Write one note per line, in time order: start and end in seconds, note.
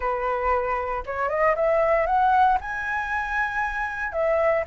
0.00 1.03 B4
1.06 1.29 C#5
1.29 1.55 D#5
1.55 2.06 E5
2.06 2.57 F#5
2.60 4.12 G#5
4.12 4.64 E5